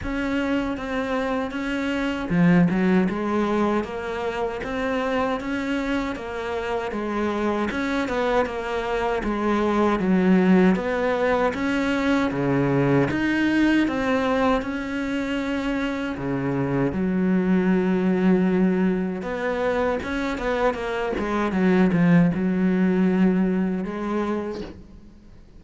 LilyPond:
\new Staff \with { instrumentName = "cello" } { \time 4/4 \tempo 4 = 78 cis'4 c'4 cis'4 f8 fis8 | gis4 ais4 c'4 cis'4 | ais4 gis4 cis'8 b8 ais4 | gis4 fis4 b4 cis'4 |
cis4 dis'4 c'4 cis'4~ | cis'4 cis4 fis2~ | fis4 b4 cis'8 b8 ais8 gis8 | fis8 f8 fis2 gis4 | }